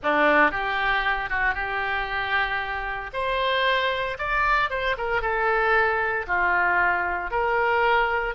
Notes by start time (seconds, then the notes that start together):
0.02 D4
0.51 G4
1.29 F#4
1.54 G4
3.13 C5
4.18 D5
4.70 C5
4.97 A#4
5.21 A4
6.27 F4
7.30 A#4